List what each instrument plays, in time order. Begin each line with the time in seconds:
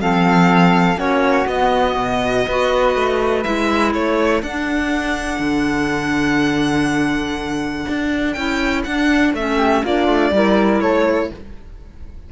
0.00 cello F3, clarinet C4, flute A4, violin F5
0.97 cello A#3, clarinet C#4, flute F#4, violin C#5
1.47 cello B3, clarinet B3, violin D#5
1.97 cello B2
2.47 cello B3, clarinet F#4, flute B4
2.96 cello A3
3.44 cello G#3, clarinet E4, violin E5
3.93 cello A3, flute A4, violin C#5
4.43 cello D4, clarinet D4, violin F#5
5.40 cello D3
7.89 cello D4
8.33 cello C#4, clarinet E4, violin G5
8.84 cello D4, clarinet D4, violin F#5
9.34 cello A3, clarinet C#4, violin E5
9.57 flute G4
9.82 cello A#3, clarinet D4, flute F4, violin D5
10.08 cello A3
10.31 cello G3, clarinet E4, flute A#4
10.81 cello A3, flute A4, violin C#5